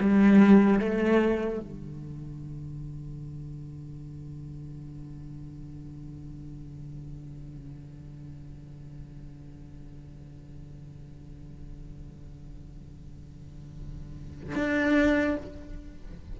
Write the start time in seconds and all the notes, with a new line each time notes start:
0.00 G3
0.79 A3
1.60 D3
14.55 D4